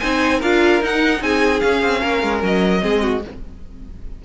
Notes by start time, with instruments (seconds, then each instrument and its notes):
0.00 cello C4, viola D#4, violin C5 G#5
0.39 cello D4, viola F4, violin A#4 F5
0.82 cello D#4, viola D#4, violin F#5
1.21 cello C4, violin G#4 G#5
1.60 viola C#4, cello C#4, violin F5
1.83 cello C4
2.01 cello A#3, violin A#4
2.23 cello G#3
2.43 cello F#3, violin D#5
2.81 cello G#3, viola C4, violin G#4
3.03 violin F#4